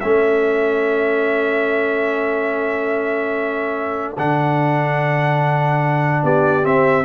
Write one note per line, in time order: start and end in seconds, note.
0.00 4.17 A3
0.00 4.16 C#4
0.00 6.23 A4
0.00 4.14 E5
4.17 6.23 D3
4.17 6.62 D4
4.17 6.25 F#5
6.23 6.64 B3
6.23 7.05 G4
6.23 6.65 D5
6.62 7.04 C4
6.62 7.05 C4
6.62 7.05 E5